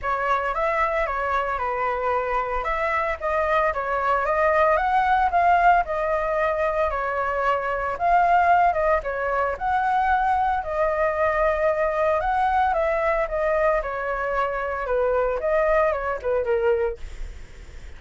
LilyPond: \new Staff \with { instrumentName = "flute" } { \time 4/4 \tempo 4 = 113 cis''4 e''4 cis''4 b'4~ | b'4 e''4 dis''4 cis''4 | dis''4 fis''4 f''4 dis''4~ | dis''4 cis''2 f''4~ |
f''8 dis''8 cis''4 fis''2 | dis''2. fis''4 | e''4 dis''4 cis''2 | b'4 dis''4 cis''8 b'8 ais'4 | }